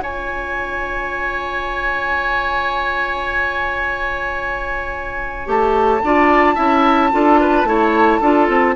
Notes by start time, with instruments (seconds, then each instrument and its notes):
0.00 bassoon C#4, clarinet F4, oboe C#5, flute G#5
5.45 bassoon A3, clarinet G4, flute A5
6.02 bassoon D4, clarinet F4, oboe D5
6.55 bassoon C#4, clarinet E4, oboe E5
7.12 bassoon D4, clarinet F4, oboe A4
7.40 oboe B4
7.64 bassoon A3, clarinet E4, oboe C#5
8.20 bassoon D4, clarinet F4, oboe A4
8.48 bassoon C4